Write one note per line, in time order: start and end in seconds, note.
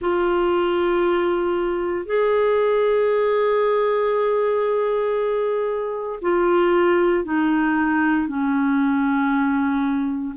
0.00 2.05 F4
2.05 6.19 G#4
6.21 7.24 F4
7.24 8.28 D#4
8.28 10.34 C#4